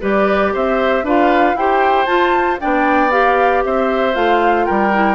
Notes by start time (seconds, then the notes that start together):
0.00 G3 G4 B4 D5
0.53 C4 C5 E5
1.03 D4 F4 B4 F5
1.54 E4 G4 C5 G5
2.05 F4 A5
2.60 B3 D4 D5 G5
3.10 G4 F5
3.64 C4 C5 E5
4.13 A3 F4 F5
4.64 G3 A#4 G5
4.93 E4